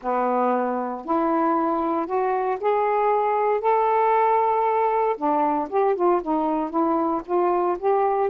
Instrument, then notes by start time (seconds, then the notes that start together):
saxophone
0.01 B3
1.05 E4
2.06 F#4
2.60 G#4
3.61 A4
5.17 D4
5.69 G4
5.95 F4
6.22 D#4
6.70 E4
7.25 F4
7.78 G4